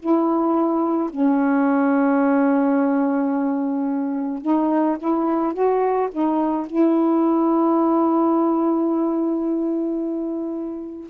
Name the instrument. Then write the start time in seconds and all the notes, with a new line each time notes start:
saxophone
0.00 E4
1.10 C#4
4.42 D#4
4.99 E4
5.54 F#4
6.12 D#4
6.67 E4